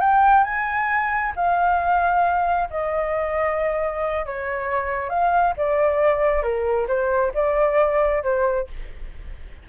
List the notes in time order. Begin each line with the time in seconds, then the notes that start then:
0.00 G5
0.44 G#5
1.36 F5
2.70 D#5
4.26 C#5
5.09 F5
5.57 D5
6.42 A#4
6.88 C5
7.34 D5
8.23 C5